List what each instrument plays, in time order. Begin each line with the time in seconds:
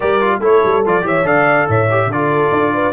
0.00 tuba G3, trombone G4, horn A#4, trumpet D5
0.20 trombone F4
0.40 tuba A3, trombone E4, horn A4, trumpet C#5
0.64 tuba G3
0.85 tuba F3, trombone F4, trumpet D5
1.01 tuba E3, trombone G4, horn C#5, trumpet E5
1.23 tuba D3, trombone A4, horn D5, trumpet F5
1.68 tuba A2, horn C#5, trumpet E5
1.90 trombone G4
2.06 tuba D3, horn A4, trumpet D5
2.13 trombone F4
2.51 tuba D4
2.74 horn B4